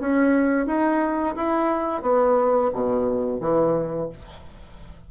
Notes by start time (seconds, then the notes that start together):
0.00 C#4
0.66 D#4
1.35 E4
2.02 B3
2.73 B2
3.40 E3